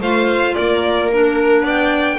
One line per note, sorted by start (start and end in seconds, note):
0.00 0.56 A3
0.00 1.11 F4
0.00 0.55 C5
0.00 0.54 F5
0.54 1.62 A#3
0.54 1.62 A#4
0.54 1.09 D5
1.12 2.18 D4
1.12 1.66 A#4
1.62 2.17 B3
1.62 2.17 D5
1.62 2.18 G5